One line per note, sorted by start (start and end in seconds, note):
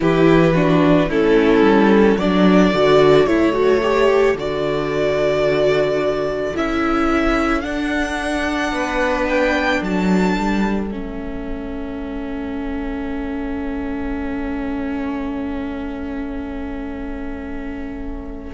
0.00 1.09 E3
0.00 0.53 E4
0.00 0.54 G4
0.00 1.10 B4
0.54 1.09 D4
0.54 1.09 F#4
1.09 1.61 A3
1.09 2.19 C#4
1.09 2.17 E4
1.09 2.18 A4
1.61 2.15 G3
2.17 2.72 F#3
2.17 2.73 D4
2.17 8.72 A4
2.17 3.26 D5
2.73 3.26 D3
2.73 3.27 F#4
3.26 4.34 A3
3.26 3.52 E4
3.26 4.35 C#5
3.52 3.79 F#4
3.82 4.36 G4
4.34 6.52 D3
4.34 6.55 F#4
4.34 6.56 D5
6.55 7.65 C#4
6.55 7.62 E4
6.55 7.61 E5
7.61 10.89 D4
7.61 8.71 D4
7.61 9.24 F#5
8.71 9.80 B3
8.71 9.80 B4
9.28 9.82 G5
9.80 10.36 F#3
9.80 18.52 A4
9.80 10.91 A5
10.37 10.92 G3
10.91 18.53 A3
10.91 18.53 C#4
10.91 18.53 E5